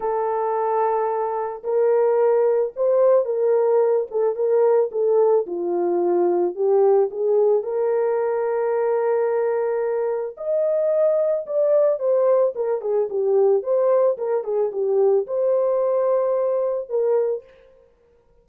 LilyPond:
\new Staff \with { instrumentName = "horn" } { \time 4/4 \tempo 4 = 110 a'2. ais'4~ | ais'4 c''4 ais'4. a'8 | ais'4 a'4 f'2 | g'4 gis'4 ais'2~ |
ais'2. dis''4~ | dis''4 d''4 c''4 ais'8 gis'8 | g'4 c''4 ais'8 gis'8 g'4 | c''2. ais'4 | }